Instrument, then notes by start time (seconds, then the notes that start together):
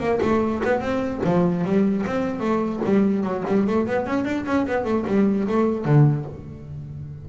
double bass
0.00 A#3
0.22 A3
0.65 B3
0.81 C4
1.25 F3
1.65 G3
2.07 C4
2.41 A3
2.85 G3
3.24 F#3
3.48 G3
3.67 A3
3.87 B3
4.07 C#4
4.25 D4
4.47 C#4
4.67 B3
4.85 A3
5.08 G3
5.48 A3
5.85 D3